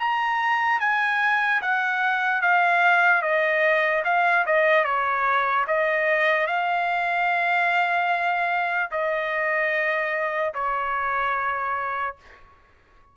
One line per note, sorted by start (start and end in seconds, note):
0.00 0.80 A#5
0.80 1.61 G#5
1.62 2.42 F#5
2.42 3.22 F5
3.22 4.03 D#5
4.05 4.45 F5
4.46 4.84 D#5
4.84 5.65 C#5
5.67 6.47 D#5
6.47 8.90 F5
8.91 10.53 D#5
10.54 12.16 C#5